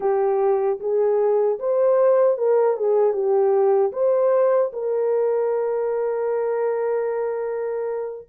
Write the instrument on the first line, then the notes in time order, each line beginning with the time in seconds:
horn
0.00 G4
0.80 G#4
1.59 C5
2.37 A#4
2.76 G#4
3.13 G4
3.92 C5
4.73 A#4